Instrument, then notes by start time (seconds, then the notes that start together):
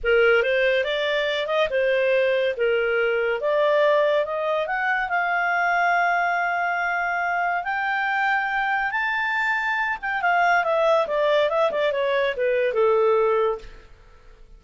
clarinet
0.03 A#4
0.43 C5
0.84 D5
1.47 D#5
1.70 C5
2.56 A#4
3.40 D5
4.25 D#5
4.67 F#5
5.09 F5
7.64 G5
8.91 A5
10.01 G5
10.21 F5
10.64 E5
11.07 D5
11.49 E5
11.71 D5
11.92 C#5
12.36 B4
12.73 A4